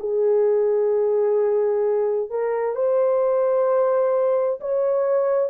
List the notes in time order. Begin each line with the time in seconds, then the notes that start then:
0.00 G#4
2.30 A#4
2.76 C5
4.61 C#5